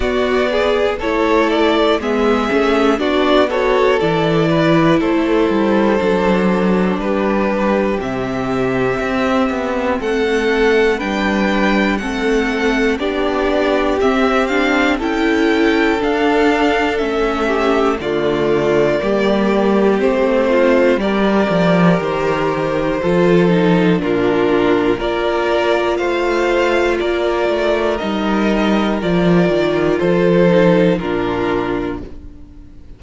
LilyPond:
<<
  \new Staff \with { instrumentName = "violin" } { \time 4/4 \tempo 4 = 60 d''4 cis''8 d''8 e''4 d''8 cis''8 | d''4 c''2 b'4 | e''2 fis''4 g''4 | fis''4 d''4 e''8 f''8 g''4 |
f''4 e''4 d''2 | c''4 d''4 c''2 | ais'4 d''4 f''4 d''4 | dis''4 d''4 c''4 ais'4 | }
  \new Staff \with { instrumentName = "violin" } { \time 4/4 fis'8 gis'8 a'4 gis'4 fis'8 a'8~ | a'8 b'8 a'2 g'4~ | g'2 a'4 b'4 | a'4 g'2 a'4~ |
a'4. g'8 f'4 g'4~ | g'8 f'8 ais'2 a'4 | f'4 ais'4 c''4 ais'4~ | ais'2 a'4 f'4 | }
  \new Staff \with { instrumentName = "viola" } { \time 4/4 b4 e'4 b8 cis'8 d'8 fis'8 | e'2 d'2 | c'2. d'4 | c'4 d'4 c'8 d'8 e'4 |
d'4 cis'4 a4 ais4 | c'4 g'2 f'8 dis'8 | d'4 f'2. | dis'4 f'4. dis'8 d'4 | }
  \new Staff \with { instrumentName = "cello" } { \time 4/4 b4 a4 gis8 a8 b4 | e4 a8 g8 fis4 g4 | c4 c'8 b8 a4 g4 | a4 b4 c'4 cis'4 |
d'4 a4 d4 g4 | a4 g8 f8 dis4 f4 | ais,4 ais4 a4 ais8 a8 | g4 f8 dis8 f4 ais,4 | }
>>